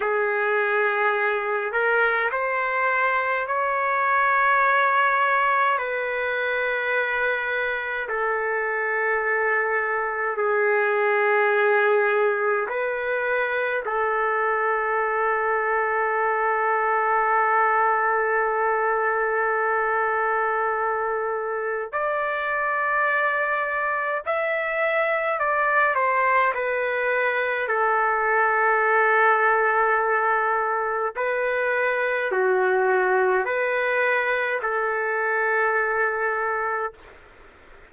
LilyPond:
\new Staff \with { instrumentName = "trumpet" } { \time 4/4 \tempo 4 = 52 gis'4. ais'8 c''4 cis''4~ | cis''4 b'2 a'4~ | a'4 gis'2 b'4 | a'1~ |
a'2. d''4~ | d''4 e''4 d''8 c''8 b'4 | a'2. b'4 | fis'4 b'4 a'2 | }